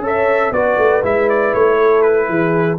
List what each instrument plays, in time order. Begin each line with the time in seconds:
0.00 tuba C#4, trombone A4, horn C#5
0.06 trumpet E5
0.52 tuba B3, trombone F#4, horn B4, trumpet D5
0.78 tuba A3
1.03 tuba G#3, trombone E4, trumpet E5
1.30 trumpet D5
1.54 tuba A3, trumpet C#5
1.78 horn A4
2.02 trumpet B4
2.29 tuba E3, horn G#4